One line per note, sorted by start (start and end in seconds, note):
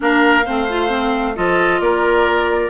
0.00 0.46 A#3
0.00 0.43 D4
0.00 0.45 A#4
0.00 1.36 F5
0.45 1.37 A3
0.45 0.68 C4
0.45 1.35 C5
0.69 0.88 F4
0.88 1.33 C4
1.35 1.79 F3
1.35 2.69 F4
1.35 1.81 A4
1.35 1.80 D#5
1.79 2.69 A#3
1.79 2.69 A#4
1.79 2.69 D5